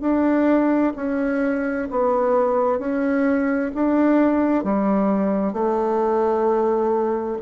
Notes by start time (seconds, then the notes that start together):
0.00 D4
0.95 C#4
1.90 B3
2.79 C#4
3.74 D4
4.64 G3
5.53 A3